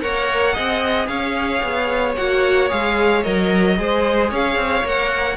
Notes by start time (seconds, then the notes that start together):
0.00 A#3 A#4 C#5 F#5
0.53 C4 G#4 D#5
1.06 C#4 C#5 F5
1.62 B3
2.16 A#3 F#4 F#5
2.69 G#3 G#4 F5
3.23 F#3 A#4 D#5
3.76 G#3 G#4 C5
4.30 C#4 C#5 F5
4.56 C4
4.84 A#3 A#4 F#5